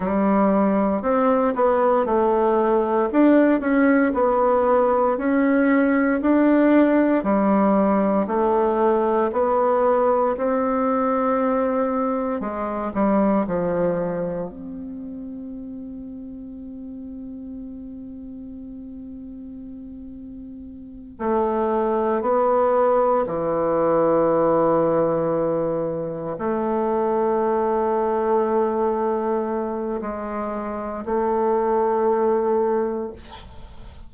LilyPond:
\new Staff \with { instrumentName = "bassoon" } { \time 4/4 \tempo 4 = 58 g4 c'8 b8 a4 d'8 cis'8 | b4 cis'4 d'4 g4 | a4 b4 c'2 | gis8 g8 f4 c'2~ |
c'1~ | c'8 a4 b4 e4.~ | e4. a2~ a8~ | a4 gis4 a2 | }